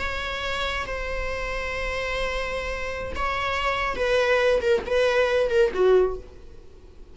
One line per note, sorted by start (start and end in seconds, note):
0.00 0.86 C#5
0.87 3.13 C5
3.16 3.96 C#5
3.96 4.61 B4
4.62 4.83 A#4
4.86 5.50 B4
5.50 5.72 A#4
5.74 6.17 F#4